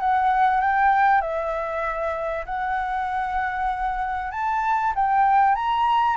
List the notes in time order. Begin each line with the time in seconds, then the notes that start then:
0.00 F#5
0.61 G5
1.21 E5
2.45 F#5
4.31 A5
4.95 G5
5.56 A#5